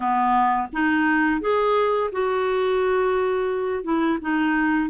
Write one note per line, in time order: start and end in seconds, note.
0.00 0.67 B3
0.72 1.40 D#4
1.40 2.10 G#4
2.12 3.83 F#4
3.83 4.18 E4
4.21 4.89 D#4